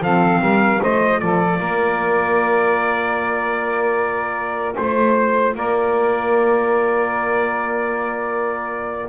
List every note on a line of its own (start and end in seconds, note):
0.00 0.39 F3
0.00 0.82 C4
0.00 0.40 A4
0.00 0.82 F5
0.40 0.80 G3
0.40 0.81 A#4
0.81 1.21 A3
0.81 9.09 F4
0.81 1.20 C5
0.81 1.19 D#5
1.19 1.59 F3
1.19 1.59 A4
1.19 4.75 D5
1.59 4.75 A#3
1.59 4.75 A#4
4.76 5.55 A3
4.76 5.55 C5
4.76 5.56 C5
5.55 9.09 A#3
5.55 9.09 A#4
5.55 9.09 D5